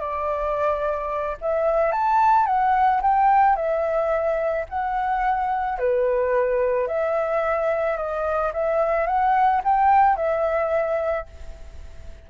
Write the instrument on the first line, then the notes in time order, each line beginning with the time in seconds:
flute
0.00 D5
1.41 E5
1.92 A5
2.46 F#5
3.02 G5
3.56 E5
4.69 F#5
5.78 B4
6.87 E5
7.97 D#5
8.53 E5
9.07 F#5
9.64 G5
10.16 E5